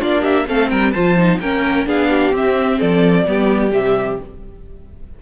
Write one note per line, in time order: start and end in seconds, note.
0.00 0.49 A#3
0.00 0.47 D4
0.00 0.22 F4
0.00 0.24 D5
0.22 0.45 G4
0.22 0.48 E5
0.48 0.71 A3
0.48 0.94 C4
0.48 0.71 A4
0.48 0.70 F5
0.70 0.94 G3
0.70 0.92 A#4
0.70 0.92 G5
0.92 1.40 F3
0.92 1.18 F4
0.92 1.39 C5
0.92 1.39 A5
1.18 1.41 D#4
1.40 1.86 A#3
1.40 1.86 C#4
1.40 1.87 A#4
1.40 1.87 G5
1.86 2.31 B3
1.86 2.32 D4
1.86 2.10 G#4
1.86 2.35 F5
2.10 2.78 G4
2.31 2.78 C4
2.31 3.25 C4
2.31 2.81 E5
2.78 3.26 F3
2.78 3.25 A4
2.78 3.73 D5
3.26 3.72 G3
3.26 3.72 B3
3.26 4.22 G4
3.72 4.19 C3
3.72 4.19 G3
3.72 4.20 E5